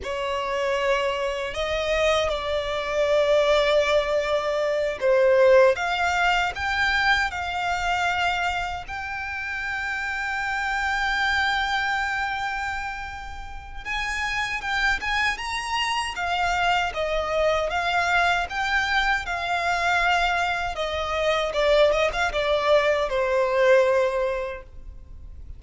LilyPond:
\new Staff \with { instrumentName = "violin" } { \time 4/4 \tempo 4 = 78 cis''2 dis''4 d''4~ | d''2~ d''8 c''4 f''8~ | f''8 g''4 f''2 g''8~ | g''1~ |
g''2 gis''4 g''8 gis''8 | ais''4 f''4 dis''4 f''4 | g''4 f''2 dis''4 | d''8 dis''16 f''16 d''4 c''2 | }